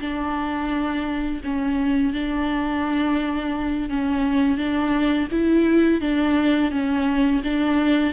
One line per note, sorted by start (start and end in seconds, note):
0.00 1.41 D4
1.44 2.13 C#4
2.13 3.90 D4
3.90 4.58 C#4
4.58 5.28 D4
5.31 6.01 E4
6.01 6.71 D4
6.71 7.42 C#4
7.43 8.13 D4